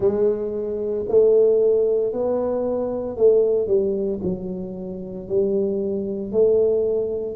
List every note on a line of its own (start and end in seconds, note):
0.00 1.05 G#3
1.08 2.12 A3
2.12 3.16 B3
3.16 3.67 A3
3.67 4.20 G3
4.23 5.28 F#3
5.28 6.32 G3
6.32 7.36 A3